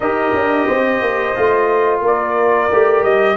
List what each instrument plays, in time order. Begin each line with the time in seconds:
0.00 tuba D#4, trombone G4, horn A#4, trumpet D#5
0.33 tuba D4
0.66 tuba C4, horn C5
1.01 tuba A#3
1.35 tuba A3, trombone F4
2.00 tuba A#3, horn A#4
2.06 trumpet D5
2.71 tuba A3, trombone G4
3.03 tuba G3, trumpet D#5